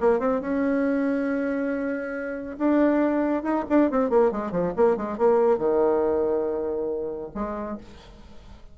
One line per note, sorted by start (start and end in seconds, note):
0.00 0.19 A#3
0.19 0.41 C4
0.41 2.56 C#4
2.58 3.43 D4
3.43 3.64 D#4
3.68 3.90 D4
3.90 4.09 C4
4.09 4.31 A#3
4.31 4.51 G#3
4.51 4.73 F3
4.76 4.96 A#3
4.96 5.18 G#3
5.18 5.58 A#3
5.58 7.31 D#3
7.34 7.77 G#3